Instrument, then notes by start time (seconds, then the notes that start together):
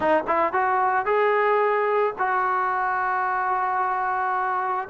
trombone
0.00 D#4
0.27 E4
0.53 F#4
1.05 G#4
2.18 F#4